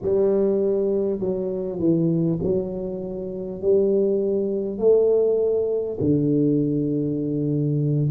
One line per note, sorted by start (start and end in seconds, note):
0.02 1.19 G3
1.19 1.79 F#3
1.79 2.39 E3
2.42 3.61 F#3
3.61 4.78 G3
4.78 5.98 A3
6.00 8.10 D3